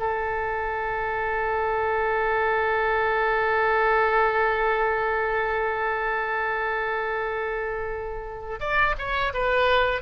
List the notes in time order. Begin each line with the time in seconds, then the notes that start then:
0.00 A4
8.61 D5
8.99 C#5
9.34 B4